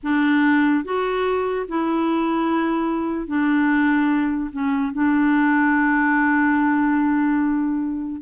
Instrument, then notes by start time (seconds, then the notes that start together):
clarinet
0.03 D4
0.84 F#4
1.68 E4
3.27 D4
4.52 C#4
4.92 D4